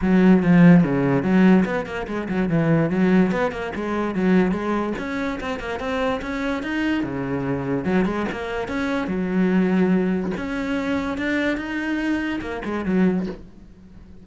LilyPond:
\new Staff \with { instrumentName = "cello" } { \time 4/4 \tempo 4 = 145 fis4 f4 cis4 fis4 | b8 ais8 gis8 fis8 e4 fis4 | b8 ais8 gis4 fis4 gis4 | cis'4 c'8 ais8 c'4 cis'4 |
dis'4 cis2 fis8 gis8 | ais4 cis'4 fis2~ | fis4 cis'2 d'4 | dis'2 ais8 gis8 fis4 | }